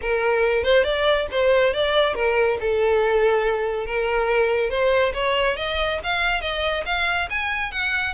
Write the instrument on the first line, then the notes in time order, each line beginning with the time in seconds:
violin
0.01 A#4
0.63 C5
0.84 D5
1.31 C5
1.73 D5
2.14 A#4
2.60 A4
3.86 A#4
4.69 C5
5.13 C#5
5.56 D#5
6.03 F5
6.41 D#5
6.85 F5
7.30 G#5
7.71 F#5